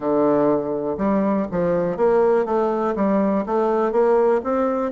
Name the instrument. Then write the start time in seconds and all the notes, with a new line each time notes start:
bassoon
0.00 D3
0.97 G3
1.51 F3
1.96 A#3
2.45 A3
2.95 G3
3.46 A3
3.92 A#3
4.43 C4